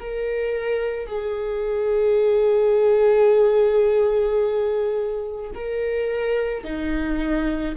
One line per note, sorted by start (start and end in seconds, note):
0.00 1.07 A#4
1.07 5.51 G#4
5.55 6.64 A#4
6.64 7.75 D#4